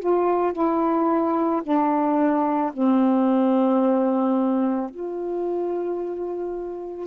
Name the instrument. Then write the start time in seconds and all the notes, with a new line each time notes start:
saxophone
0.00 F4
0.53 E4
1.63 D4
2.73 C4
4.90 F4